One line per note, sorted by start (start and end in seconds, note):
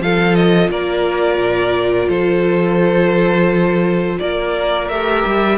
0.00 0.70 F3
0.00 4.91 F4
0.00 0.71 A4
0.00 0.35 F5
0.35 0.70 D#5
0.70 1.38 A#3
0.70 2.09 A#4
0.70 2.10 D5
1.38 2.08 A#2
2.09 4.18 F3
2.09 4.18 A4
2.09 4.19 C5
4.20 4.90 A#3
4.20 5.59 A#4
4.20 4.89 D5
4.89 5.25 A3
4.89 5.59 G4
4.89 5.59 E5
5.26 5.59 G3